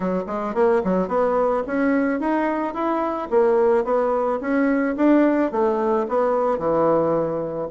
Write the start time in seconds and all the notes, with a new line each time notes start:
0.00 F#3
0.26 G#3
0.54 A#3
0.84 F#3
1.08 B3
1.66 C#4
2.20 D#4
2.73 E4
3.30 A#3
3.84 B3
4.40 C#4
4.96 D4
5.51 A3
6.08 B3
6.58 E3